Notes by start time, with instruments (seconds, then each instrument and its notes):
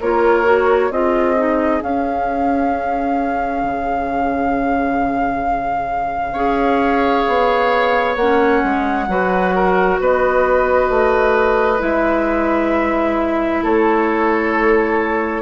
0.00 bassoon A#3, clarinet F4, oboe A#4, flute C#5
0.44 clarinet F#4
0.90 bassoon C4, clarinet F4, oboe G#4, flute D#5
1.36 clarinet D#4
1.81 clarinet C#4, bassoon C#4, flute F5
3.63 bassoon C#3
6.32 bassoon C#4, clarinet G#4, oboe C#5
7.27 bassoon B3
8.16 bassoon A#3, clarinet C#4, flute F#5
8.63 bassoon G#3
9.08 bassoon F#3, clarinet F#4, oboe B4
9.55 oboe A#4
9.99 bassoon B3, oboe B4, flute D#5
10.89 bassoon A3
11.79 bassoon G#3, clarinet E4, flute E5
13.62 bassoon A3, oboe A4, flute C#5